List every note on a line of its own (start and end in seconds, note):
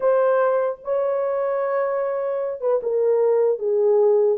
0.00 0.79 C5
0.84 2.60 C#5
2.60 2.80 B4
2.83 3.58 A#4
3.58 4.38 G#4